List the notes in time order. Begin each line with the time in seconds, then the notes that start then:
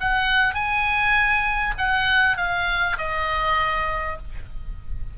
0.00 F#5
0.54 G#5
1.78 F#5
2.37 F5
2.98 D#5